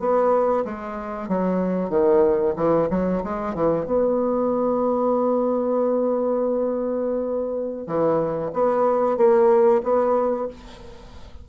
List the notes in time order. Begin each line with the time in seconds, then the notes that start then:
0.00 B3
0.65 G#3
1.29 F#3
1.90 D#3
2.57 E3
2.91 F#3
3.24 G#3
3.55 E3
3.86 B3
7.87 E3
8.54 B3
9.18 A#3
9.83 B3